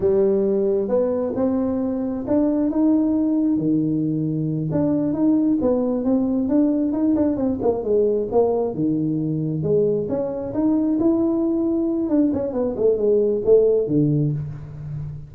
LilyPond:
\new Staff \with { instrumentName = "tuba" } { \time 4/4 \tempo 4 = 134 g2 b4 c'4~ | c'4 d'4 dis'2 | dis2~ dis8 d'4 dis'8~ | dis'8 b4 c'4 d'4 dis'8 |
d'8 c'8 ais8 gis4 ais4 dis8~ | dis4. gis4 cis'4 dis'8~ | dis'8 e'2~ e'8 d'8 cis'8 | b8 a8 gis4 a4 d4 | }